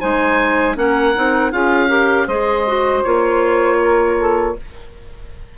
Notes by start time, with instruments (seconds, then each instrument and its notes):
0.00 bassoon G#3, clarinet D#4, saxophone C5, oboe G#5
0.75 bassoon A#3, clarinet C#4, saxophone A#4, oboe F#5
1.15 bassoon C4, clarinet D#4
1.52 bassoon C#4, clarinet F4, saxophone G#4, oboe F5
1.88 clarinet G4, saxophone A#4
2.26 bassoon G#3, clarinet G#4, saxophone C5, oboe D#5
2.67 clarinet F#4
3.04 bassoon A#3, clarinet F4, oboe C#5
3.79 saxophone A#4
4.18 saxophone A4